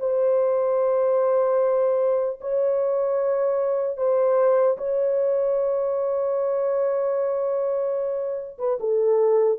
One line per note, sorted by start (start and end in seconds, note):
0.00 2.40 C5
2.41 3.97 C#5
3.97 4.77 C5
4.78 8.58 C#5
8.59 8.79 B4
8.80 9.59 A4